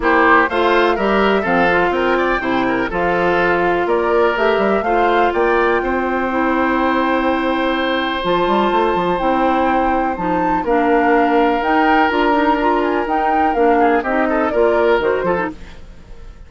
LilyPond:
<<
  \new Staff \with { instrumentName = "flute" } { \time 4/4 \tempo 4 = 124 c''4 f''4 e''4 f''4 | g''2 f''2 | d''4 e''4 f''4 g''4~ | g''1~ |
g''4 a''2 g''4~ | g''4 a''4 f''2 | g''4 ais''4. gis''8 g''4 | f''4 dis''4 d''4 c''4 | }
  \new Staff \with { instrumentName = "oboe" } { \time 4/4 g'4 c''4 ais'4 a'4 | ais'8 d''8 c''8 ais'8 a'2 | ais'2 c''4 d''4 | c''1~ |
c''1~ | c''2 ais'2~ | ais'1~ | ais'8 gis'8 g'8 a'8 ais'4. a'8 | }
  \new Staff \with { instrumentName = "clarinet" } { \time 4/4 e'4 f'4 g'4 c'8 f'8~ | f'4 e'4 f'2~ | f'4 g'4 f'2~ | f'4 e'2.~ |
e'4 f'2 e'4~ | e'4 dis'4 d'2 | dis'4 f'8 dis'8 f'4 dis'4 | d'4 dis'4 f'4 fis'8 f'16 dis'16 | }
  \new Staff \with { instrumentName = "bassoon" } { \time 4/4 ais4 a4 g4 f4 | c'4 c4 f2 | ais4 a8 g8 a4 ais4 | c'1~ |
c'4 f8 g8 a8 f8 c'4~ | c'4 f4 ais2 | dis'4 d'2 dis'4 | ais4 c'4 ais4 dis8 f8 | }
>>